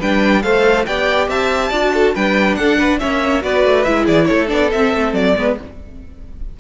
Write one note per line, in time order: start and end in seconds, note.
0.00 0.44 G3
0.00 0.44 D4
0.00 0.43 B4
0.00 0.43 G5
0.43 0.87 A3
0.43 0.87 A4
0.43 0.87 C5
0.43 0.86 F5
0.86 1.28 B3
0.86 1.73 G4
0.86 1.30 D5
0.86 1.29 G5
1.28 1.71 C4
1.28 1.70 E5
1.28 2.16 A5
1.70 2.15 D4
1.70 2.16 F#4
1.70 1.92 D5
1.94 2.15 A4
2.15 2.59 G3
2.15 3.00 D4
2.15 2.58 B4
2.15 2.56 G5
2.56 3.02 D4
2.56 2.78 A4
2.56 2.98 F#5
2.78 3.00 B4
3.00 3.44 A#3
3.00 3.42 C#4
3.00 3.44 C#5
3.00 3.42 E5
3.42 3.65 B3
3.42 3.85 F#4
3.42 4.05 B4
3.42 3.84 D5
3.65 3.87 A3
3.84 4.08 G#3
3.84 4.48 E4
3.84 4.05 E5
4.05 4.30 E3
4.05 4.26 G#4
4.05 4.26 D5
4.26 4.52 A3
4.26 5.37 A4
4.26 4.48 C#5
4.48 4.74 B3
4.48 4.70 D4
4.48 4.71 D5
4.72 4.94 C4
4.72 5.37 C4
4.72 5.15 E5
4.94 5.14 A3
5.14 5.35 F#3
5.14 5.57 D5
5.37 5.58 G#3
5.37 5.58 B3
5.37 5.60 B4